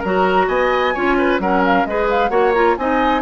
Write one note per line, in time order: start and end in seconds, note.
0.00 0.48 F#3
0.00 0.95 F#4
0.00 0.46 A#4
0.00 0.48 A#5
0.48 0.94 B3
0.48 0.94 D#5
0.48 1.40 G#5
0.94 1.39 C#4
0.94 1.41 F4
0.94 1.17 C#5
1.19 1.41 B4
1.39 1.85 F#3
1.39 1.87 C#4
1.39 1.88 A#4
1.39 1.63 F#5
1.66 1.86 F5
1.86 2.30 G#3
1.86 2.30 G#4
1.86 2.31 B4
1.86 2.09 D#5
2.10 2.29 F5
2.29 2.76 A#3
2.29 2.53 F#4
2.29 2.77 C#5
2.29 2.52 F#5
2.54 2.78 F4
2.54 2.77 A#5
2.77 3.22 C4
2.77 3.22 D#4
2.77 3.22 D#5
2.77 3.22 G#5